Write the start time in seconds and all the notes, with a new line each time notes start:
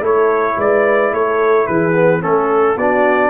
0.00 A3 E4 A4 C#5
0.57 G#3 B4 D5
1.12 A3 A4 C#5
1.67 E3 G#4 B4
1.94 B3
2.21 A3 C#4 A4
2.76 B3 D4 F#4 D5